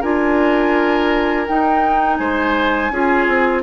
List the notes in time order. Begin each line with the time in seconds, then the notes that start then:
0.00 D4 F4 A#4 G#5
1.47 D#4 G5
2.16 G#3 C5 G#5
2.90 C#4 F4 G#4
3.27 C4